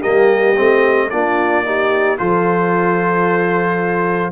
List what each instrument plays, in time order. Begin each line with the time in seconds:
0.00 tuba G3, trombone A#3, horn G4, trumpet D#5
0.56 tuba A3, trombone C4
1.10 tuba A#3, trombone D4, horn F4, trumpet D5
1.64 trombone D#4, horn G4
2.18 tuba F3, trombone F4, horn A4, trumpet C5